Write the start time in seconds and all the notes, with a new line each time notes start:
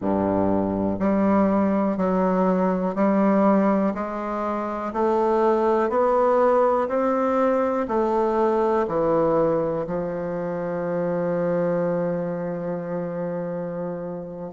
0.00 G2
0.99 G3
1.97 F#3
2.95 G3
3.94 G#3
4.93 A3
5.89 B3
6.88 C4
7.88 A3
8.87 E3
9.86 F3